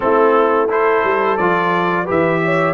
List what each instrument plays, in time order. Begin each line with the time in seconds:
0.00 tuba A3, trombone C4, horn E4, trumpet A4
0.69 trombone E4, horn A4, trumpet C5
1.03 tuba G3
1.37 tuba F3, trombone F4, trumpet D5
2.04 tuba E3, trombone G4, horn B4, trumpet E5
2.44 horn C#5